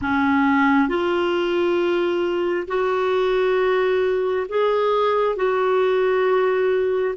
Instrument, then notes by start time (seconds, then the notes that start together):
clarinet
0.01 C#4
0.88 F4
2.67 F#4
4.49 G#4
5.35 F#4